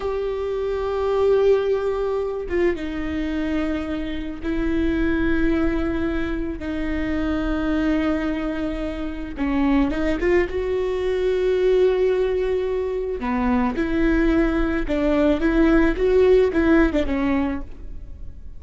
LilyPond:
\new Staff \with { instrumentName = "viola" } { \time 4/4 \tempo 4 = 109 g'1~ | g'8 f'8 dis'2. | e'1 | dis'1~ |
dis'4 cis'4 dis'8 f'8 fis'4~ | fis'1 | b4 e'2 d'4 | e'4 fis'4 e'8. d'16 cis'4 | }